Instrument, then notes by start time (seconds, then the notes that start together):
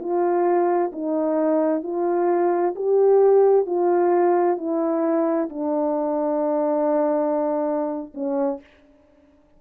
horn
0.00 F4
0.92 D#4
1.83 F4
2.75 G4
3.66 F4
4.57 E4
5.49 D4
8.14 C#4